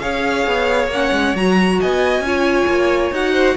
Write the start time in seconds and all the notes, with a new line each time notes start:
0.00 C#4 G#4 C#5 F5
0.47 B3
0.88 A#3 F#5
0.94 C#4
1.12 G#3
1.35 F#3 F#4 A#5
1.80 B3 D#5 G#5
2.21 C#4 F4
2.28 C#5
2.67 A#3
3.12 D#4 F#4 F#5
3.33 C5